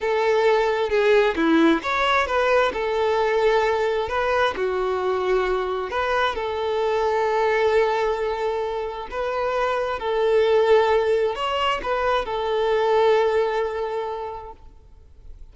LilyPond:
\new Staff \with { instrumentName = "violin" } { \time 4/4 \tempo 4 = 132 a'2 gis'4 e'4 | cis''4 b'4 a'2~ | a'4 b'4 fis'2~ | fis'4 b'4 a'2~ |
a'1 | b'2 a'2~ | a'4 cis''4 b'4 a'4~ | a'1 | }